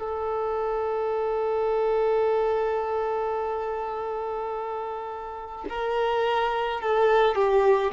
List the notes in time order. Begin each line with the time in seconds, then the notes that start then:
0.00 A4
5.69 A#4
6.81 A4
7.35 G4